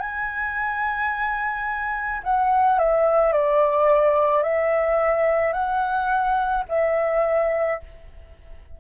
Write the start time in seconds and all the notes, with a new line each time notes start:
0.00 G#5
2.24 F#5
2.79 E5
3.33 D5
4.43 E5
5.53 F#5
6.69 E5